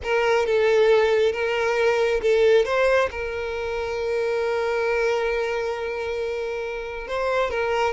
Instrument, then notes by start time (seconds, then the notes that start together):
violin
0.03 A#4
0.46 A4
1.32 A#4
2.21 A4
2.65 C5
3.11 A#4
7.07 C5
7.50 A#4